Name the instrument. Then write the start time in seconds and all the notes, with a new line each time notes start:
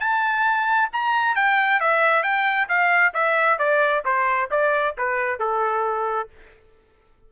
trumpet
0.00 A5
0.93 A#5
1.36 G5
1.81 E5
2.23 G5
2.69 F5
3.14 E5
3.59 D5
4.05 C5
4.51 D5
4.98 B4
5.40 A4